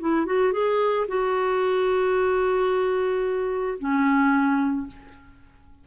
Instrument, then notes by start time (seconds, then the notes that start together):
clarinet
0.00 E4
0.26 F#4
0.52 G#4
1.08 F#4
3.79 C#4